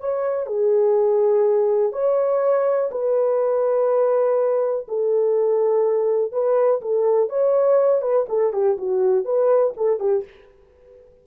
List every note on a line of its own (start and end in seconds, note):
0.00 0.46 C#5
0.46 1.92 G#4
1.92 2.90 C#5
2.91 4.86 B4
4.88 6.32 A4
6.32 6.81 B4
6.81 7.29 A4
7.29 8.01 C#5
8.01 8.26 B4
8.29 8.53 A4
8.53 8.77 G4
8.78 9.25 F#4
9.25 9.74 B4
9.77 10.00 A4
10.00 10.24 G4